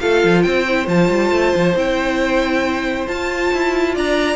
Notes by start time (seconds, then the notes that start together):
0.00 A3 F4 A4 F5
0.24 F3
0.43 C4 C5 G5
0.69 E4
0.86 F3 F4 A5
1.10 G3
1.31 A3
1.56 F3
1.76 C4 E4 G5
3.08 F4 A5
3.53 E4
3.94 D4 D5 A#5